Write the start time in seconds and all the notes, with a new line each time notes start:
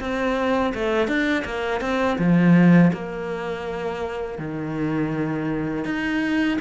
0.00 C4
0.75 A3
1.08 D4
1.45 A#3
1.81 C4
2.19 F3
2.93 A#3
4.38 D#3
5.85 D#4